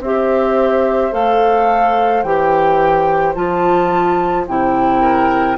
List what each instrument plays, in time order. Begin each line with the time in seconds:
0.00 bassoon C4, clarinet G4, oboe C5, flute E5
1.12 bassoon A3, clarinet A4, flute F5
2.23 bassoon E3, clarinet G4, flute G5
3.35 bassoon F3, clarinet F4, flute A5
4.47 bassoon C3, clarinet E4, flute G5
5.01 oboe A#4